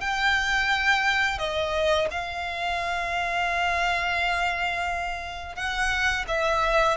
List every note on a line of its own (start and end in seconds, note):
0.00 1.38 G5
1.38 2.08 D#5
2.11 5.55 F5
5.55 6.25 F#5
6.28 6.97 E5